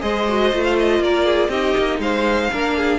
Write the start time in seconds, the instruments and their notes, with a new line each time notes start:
0.00 cello G#3, viola G#4, violin C5 D#5
0.28 viola F#4
0.53 cello A3, viola F4
0.63 violin F5
0.79 violin D#5
1.00 cello A#3, violin A#4 D5
1.26 violin G#4
1.49 cello C4, viola D#4, violin G4 D#5
1.77 cello A#3
1.99 cello G#3, violin C5 F5
2.52 cello A#3, viola D4, violin A#4
2.77 violin G#4